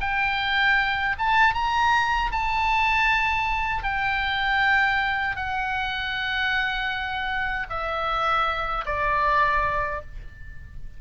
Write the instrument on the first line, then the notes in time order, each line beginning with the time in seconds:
oboe
0.00 G5
1.18 A5
1.54 A#5
2.31 A5
3.83 G5
5.36 F#5
7.69 E5
8.85 D5